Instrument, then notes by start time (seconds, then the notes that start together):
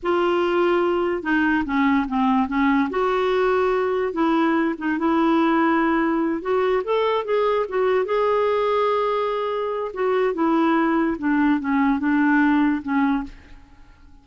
clarinet
0.02 F4
1.22 D#4
1.65 C#4
2.08 C4
2.48 C#4
2.90 F#4
4.12 E4
4.78 D#4
4.98 E4
6.41 F#4
6.84 A4
7.24 G#4
7.68 F#4
8.05 G#4
9.93 F#4
10.34 E4
11.18 D4
11.60 C#4
11.99 D4
12.82 C#4